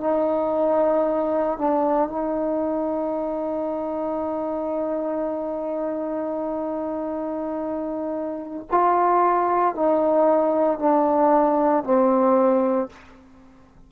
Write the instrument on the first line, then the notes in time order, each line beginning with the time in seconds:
trombone
0.00 D#4
1.58 D4
2.09 D#4
8.71 F4
9.75 D#4
10.79 D4
11.84 C4